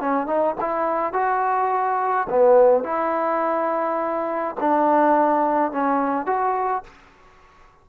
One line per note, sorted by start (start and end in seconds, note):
0.00 0.26 C#4
0.26 0.55 D#4
0.61 1.13 E4
1.13 2.27 F#4
2.29 2.84 B3
2.84 4.55 E4
4.60 5.71 D4
5.71 6.26 C#4
6.26 6.83 F#4